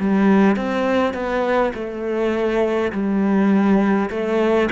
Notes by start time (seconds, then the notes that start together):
0.00 G3
0.57 C4
1.14 B3
1.75 A3
2.93 G3
4.11 A3